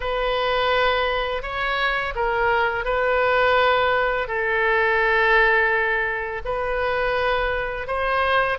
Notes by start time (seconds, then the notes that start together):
0.00 B4
1.42 C#5
2.15 A#4
2.84 B4
4.27 A4
6.44 B4
7.87 C5